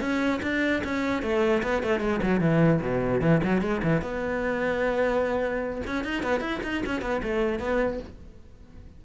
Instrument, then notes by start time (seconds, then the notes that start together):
cello
0.00 C#4
0.42 D4
0.84 C#4
1.22 A3
1.63 B3
1.83 A3
2.00 G#3
2.22 F#3
2.40 E3
2.81 B2
3.21 E3
3.43 F#3
3.61 G#3
3.83 E3
4.01 B3
5.87 C#4
6.04 D#4
6.22 B3
6.40 E4
6.63 D#4
6.85 C#4
7.01 B3
7.22 A3
7.59 B3